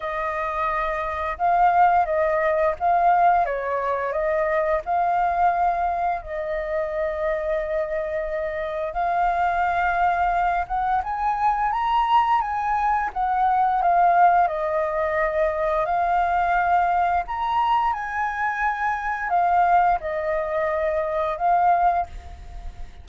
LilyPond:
\new Staff \with { instrumentName = "flute" } { \time 4/4 \tempo 4 = 87 dis''2 f''4 dis''4 | f''4 cis''4 dis''4 f''4~ | f''4 dis''2.~ | dis''4 f''2~ f''8 fis''8 |
gis''4 ais''4 gis''4 fis''4 | f''4 dis''2 f''4~ | f''4 ais''4 gis''2 | f''4 dis''2 f''4 | }